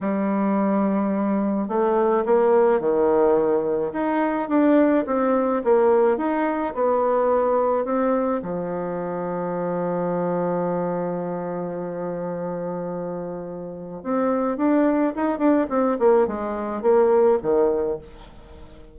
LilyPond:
\new Staff \with { instrumentName = "bassoon" } { \time 4/4 \tempo 4 = 107 g2. a4 | ais4 dis2 dis'4 | d'4 c'4 ais4 dis'4 | b2 c'4 f4~ |
f1~ | f1~ | f4 c'4 d'4 dis'8 d'8 | c'8 ais8 gis4 ais4 dis4 | }